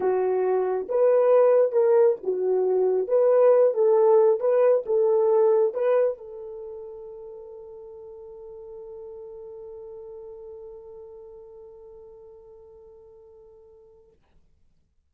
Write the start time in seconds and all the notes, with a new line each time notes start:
0.00 F#4
0.88 B4
1.72 A#4
2.23 F#4
3.07 B4
3.73 A4
4.40 B4
4.86 A4
5.74 B4
6.17 A4